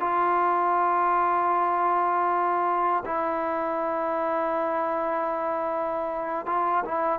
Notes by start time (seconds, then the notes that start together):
0.00 F4
3.06 E4
6.46 F4
6.85 E4